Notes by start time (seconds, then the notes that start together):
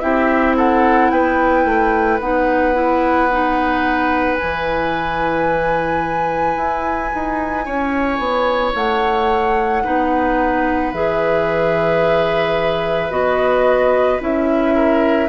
0.00 C4 E4 G4 E5
0.57 A4 F#5
1.11 B3 B4 G5
1.65 A3
2.20 B3 D#4 F#5
2.74 E4
3.32 D#4
4.35 E4 G#5
4.42 E3
6.57 E4
7.14 D#4
7.66 C#4 C#5
8.19 B3
8.75 A3 F#5
9.84 B3 D#4 B4
10.93 E3 G#4 E5
13.11 B3 F#4 D#5
14.20 C#4 E4 E5
14.75 A#4